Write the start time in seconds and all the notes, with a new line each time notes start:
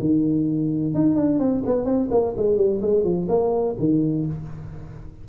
0.00 D#3
0.94 D#4
1.15 D4
1.39 C4
1.66 B3
1.85 C4
2.10 A#3
2.36 G#3
2.57 G3
2.82 G#3
3.03 F3
3.28 A#3
3.79 D#3